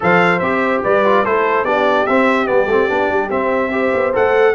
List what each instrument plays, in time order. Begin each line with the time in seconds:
0.00 tuba F3, trombone A4, horn C5, trumpet F5
0.39 tuba C4, trombone G4, trumpet E5
0.83 tuba G3, horn B4, trumpet D5
1.05 trombone F4
1.23 tuba A3, trombone E4, horn A4, trumpet C5
1.64 tuba B3, trombone D4, horn G4, trumpet D5
2.06 tuba C4, trombone C4, trumpet E5
2.45 tuba G3, trombone B3, trumpet D5
2.66 tuba A3, trombone C4
2.88 tuba B3, trombone D4
3.08 tuba G3
3.30 trombone C4, tuba C4, trumpet E5
3.71 trombone G4, horn C5
3.93 tuba B3
4.12 tuba A3, trombone A4, trumpet F#5